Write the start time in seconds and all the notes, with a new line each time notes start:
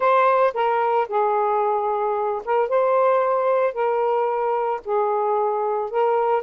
0.00 C5
0.54 A#4
1.08 G#4
2.44 A#4
2.69 C5
3.73 A#4
4.85 G#4
5.90 A#4